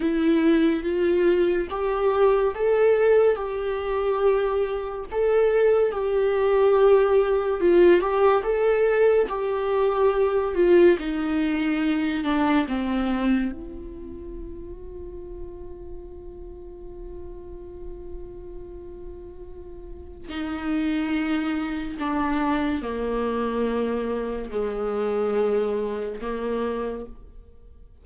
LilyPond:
\new Staff \with { instrumentName = "viola" } { \time 4/4 \tempo 4 = 71 e'4 f'4 g'4 a'4 | g'2 a'4 g'4~ | g'4 f'8 g'8 a'4 g'4~ | g'8 f'8 dis'4. d'8 c'4 |
f'1~ | f'1 | dis'2 d'4 ais4~ | ais4 gis2 ais4 | }